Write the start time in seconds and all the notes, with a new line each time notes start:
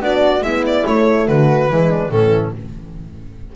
0.00 B3 D4 F#4 D5
0.41 G#3 B3 E4 E5
0.66 D5
0.86 A3 C#5
1.27 D3 F#4 B4
1.69 E3 G#3 E4
1.90 D4
2.09 A2 E3 C#4 A4